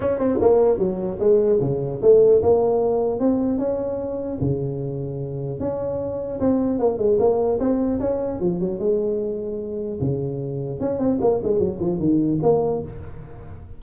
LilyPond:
\new Staff \with { instrumentName = "tuba" } { \time 4/4 \tempo 4 = 150 cis'8 c'8 ais4 fis4 gis4 | cis4 a4 ais2 | c'4 cis'2 cis4~ | cis2 cis'2 |
c'4 ais8 gis8 ais4 c'4 | cis'4 f8 fis8 gis2~ | gis4 cis2 cis'8 c'8 | ais8 gis8 fis8 f8 dis4 ais4 | }